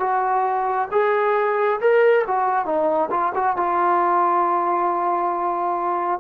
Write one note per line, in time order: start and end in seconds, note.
0.00 0.88 F#4
0.92 1.80 G#4
1.81 2.25 A#4
2.27 2.66 F#4
2.66 3.10 D#4
3.11 3.33 F4
3.35 3.57 F#4
3.57 6.20 F4